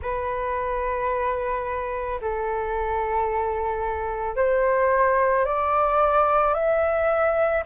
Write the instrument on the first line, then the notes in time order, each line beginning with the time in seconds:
flute
0.01 B4
2.21 A4
4.36 C5
5.45 D5
6.54 E5